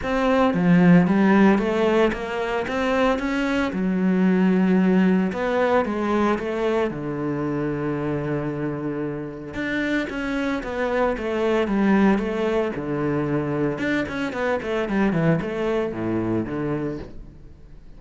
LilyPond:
\new Staff \with { instrumentName = "cello" } { \time 4/4 \tempo 4 = 113 c'4 f4 g4 a4 | ais4 c'4 cis'4 fis4~ | fis2 b4 gis4 | a4 d2.~ |
d2 d'4 cis'4 | b4 a4 g4 a4 | d2 d'8 cis'8 b8 a8 | g8 e8 a4 a,4 d4 | }